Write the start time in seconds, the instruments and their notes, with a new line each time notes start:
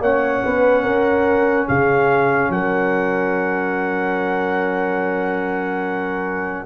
0.00 tuba A#3, trombone C#4, horn C#5, trumpet F#5
0.43 tuba B3, horn B4
0.82 tuba C#4, horn A#4
1.68 tuba C#3, horn G#4, trumpet F5
2.49 tuba F#3, horn A#4, trumpet F#5